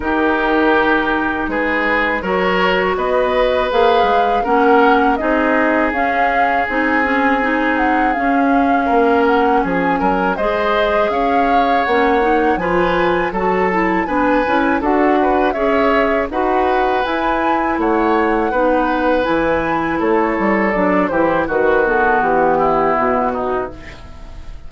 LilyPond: <<
  \new Staff \with { instrumentName = "flute" } { \time 4/4 \tempo 4 = 81 ais'2 b'4 cis''4 | dis''4 f''4 fis''4 dis''4 | f''4 gis''4. fis''8 f''4~ | f''8 fis''8 gis''4 dis''4 f''4 |
fis''4 gis''4 a''4 gis''4 | fis''4 e''4 fis''4 gis''4 | fis''2 gis''4 cis''4 | d''8 c''8 b'8 a'8 g'4 fis'4 | }
  \new Staff \with { instrumentName = "oboe" } { \time 4/4 g'2 gis'4 ais'4 | b'2 ais'4 gis'4~ | gis'1 | ais'4 gis'8 ais'8 c''4 cis''4~ |
cis''4 b'4 a'4 b'4 | a'8 b'8 cis''4 b'2 | cis''4 b'2 a'4~ | a'8 g'8 fis'4. e'4 dis'8 | }
  \new Staff \with { instrumentName = "clarinet" } { \time 4/4 dis'2. fis'4~ | fis'4 gis'4 cis'4 dis'4 | cis'4 dis'8 cis'8 dis'4 cis'4~ | cis'2 gis'2 |
cis'8 dis'8 f'4 fis'8 e'8 d'8 e'8 | fis'4 gis'4 fis'4 e'4~ | e'4 dis'4 e'2 | d'8 e'8 fis'8 b2~ b8 | }
  \new Staff \with { instrumentName = "bassoon" } { \time 4/4 dis2 gis4 fis4 | b4 ais8 gis8 ais4 c'4 | cis'4 c'2 cis'4 | ais4 f8 fis8 gis4 cis'4 |
ais4 f4 fis4 b8 cis'8 | d'4 cis'4 dis'4 e'4 | a4 b4 e4 a8 g8 | fis8 e8 dis4 e4 b,4 | }
>>